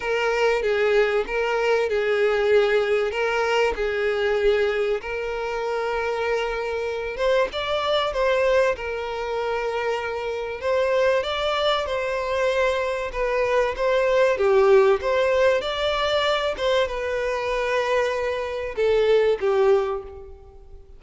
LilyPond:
\new Staff \with { instrumentName = "violin" } { \time 4/4 \tempo 4 = 96 ais'4 gis'4 ais'4 gis'4~ | gis'4 ais'4 gis'2 | ais'2.~ ais'8 c''8 | d''4 c''4 ais'2~ |
ais'4 c''4 d''4 c''4~ | c''4 b'4 c''4 g'4 | c''4 d''4. c''8 b'4~ | b'2 a'4 g'4 | }